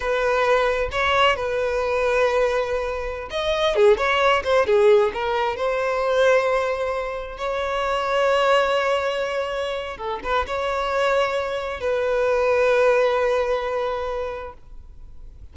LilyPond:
\new Staff \with { instrumentName = "violin" } { \time 4/4 \tempo 4 = 132 b'2 cis''4 b'4~ | b'2.~ b'16 dis''8.~ | dis''16 gis'8 cis''4 c''8 gis'4 ais'8.~ | ais'16 c''2.~ c''8.~ |
c''16 cis''2.~ cis''8.~ | cis''2 a'8 b'8 cis''4~ | cis''2 b'2~ | b'1 | }